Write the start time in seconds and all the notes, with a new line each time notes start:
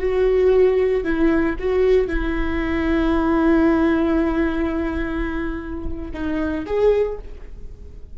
0.00 F#4
1.04 E4
1.60 F#4
2.08 E4
6.14 D#4
6.67 G#4